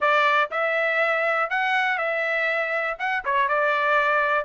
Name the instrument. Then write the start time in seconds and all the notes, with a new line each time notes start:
trumpet
0.00 D5
0.50 E5
1.49 F#5
1.97 E5
2.99 F#5
3.25 C#5
3.48 D5